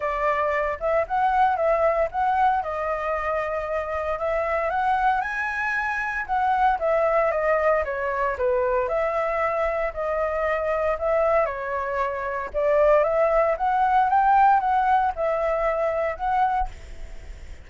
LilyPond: \new Staff \with { instrumentName = "flute" } { \time 4/4 \tempo 4 = 115 d''4. e''8 fis''4 e''4 | fis''4 dis''2. | e''4 fis''4 gis''2 | fis''4 e''4 dis''4 cis''4 |
b'4 e''2 dis''4~ | dis''4 e''4 cis''2 | d''4 e''4 fis''4 g''4 | fis''4 e''2 fis''4 | }